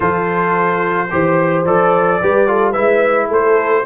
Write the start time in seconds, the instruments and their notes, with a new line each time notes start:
0.00 tuba F3, trombone F4, horn A4, trumpet C5
1.10 tuba E3, trombone G4, horn C5
1.65 tuba F3, trombone A4, trumpet D5
2.21 tuba G3, trombone G4, horn B4
2.47 trombone F4, horn A4
2.71 tuba G#3, trombone E4, horn B4, trumpet E5
3.28 tuba A3, horn A4, trumpet C5